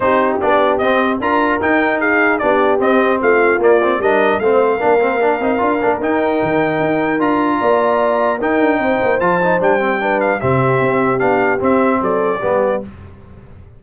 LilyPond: <<
  \new Staff \with { instrumentName = "trumpet" } { \time 4/4 \tempo 4 = 150 c''4 d''4 dis''4 ais''4 | g''4 f''4 d''4 dis''4 | f''4 d''4 dis''4 f''4~ | f''2. g''4~ |
g''2 ais''2~ | ais''4 g''2 a''4 | g''4. f''8 e''2 | f''4 e''4 d''2 | }
  \new Staff \with { instrumentName = "horn" } { \time 4/4 g'2. ais'4~ | ais'4 gis'4 g'2 | f'2 ais'4 c''4 | ais'1~ |
ais'2. d''4~ | d''4 ais'4 c''2~ | c''4 b'4 g'2~ | g'2 a'4 g'4 | }
  \new Staff \with { instrumentName = "trombone" } { \time 4/4 dis'4 d'4 c'4 f'4 | dis'2 d'4 c'4~ | c'4 ais8 c'8 d'4 c'4 | d'8 c'8 d'8 dis'8 f'8 d'8 dis'4~ |
dis'2 f'2~ | f'4 dis'2 f'8 dis'8 | d'8 c'8 d'4 c'2 | d'4 c'2 b4 | }
  \new Staff \with { instrumentName = "tuba" } { \time 4/4 c'4 b4 c'4 d'4 | dis'2 b4 c'4 | a4 ais4 g4 a4 | ais4. c'8 d'8 ais8 dis'4 |
dis4 dis'4 d'4 ais4~ | ais4 dis'8 d'8 c'8 ais8 f4 | g2 c4 c'4 | b4 c'4 fis4 g4 | }
>>